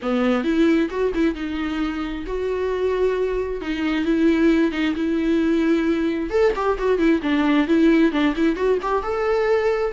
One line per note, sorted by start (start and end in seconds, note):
0.02 0.44 B3
0.44 0.89 E4
0.90 1.12 F#4
1.14 1.34 E4
1.34 2.24 D#4
2.26 3.61 F#4
3.61 4.05 D#4
4.05 4.71 E4
4.71 4.94 D#4
4.95 6.30 E4
6.30 6.52 A4
6.55 6.78 G4
6.78 6.98 F#4
6.98 7.21 E4
7.22 7.67 D4
7.67 8.11 E4
8.11 8.34 D4
8.35 8.55 E4
8.55 8.78 F#4
8.82 9.02 G4
9.02 9.92 A4